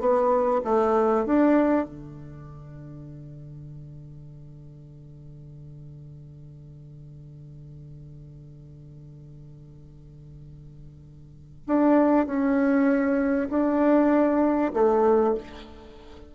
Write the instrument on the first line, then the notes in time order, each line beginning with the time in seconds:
bassoon
0.00 B3
0.64 A3
1.26 D4
1.86 D3
11.67 D4
12.26 C#4
13.50 D4
14.74 A3